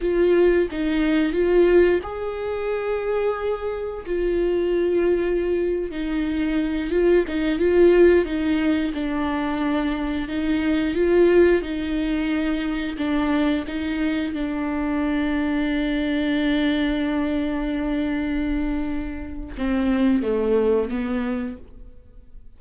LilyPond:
\new Staff \with { instrumentName = "viola" } { \time 4/4 \tempo 4 = 89 f'4 dis'4 f'4 gis'4~ | gis'2 f'2~ | f'8. dis'4. f'8 dis'8 f'8.~ | f'16 dis'4 d'2 dis'8.~ |
dis'16 f'4 dis'2 d'8.~ | d'16 dis'4 d'2~ d'8.~ | d'1~ | d'4 c'4 a4 b4 | }